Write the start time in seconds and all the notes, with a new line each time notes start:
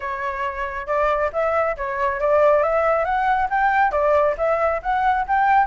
0.00 C#5
0.86 D5
1.32 E5
1.76 C#5
2.20 D5
2.63 E5
3.04 F#5
3.50 G5
3.91 D5
4.37 E5
4.82 F#5
5.27 G5